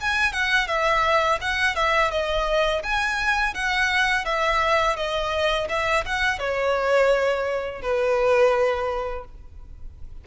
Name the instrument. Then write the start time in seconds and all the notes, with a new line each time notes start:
violin
0.00 G#5
0.32 F#5
0.67 E5
1.41 F#5
1.75 E5
2.11 D#5
2.82 G#5
3.54 F#5
4.24 E5
4.96 D#5
5.69 E5
6.05 F#5
6.38 C#5
7.81 B4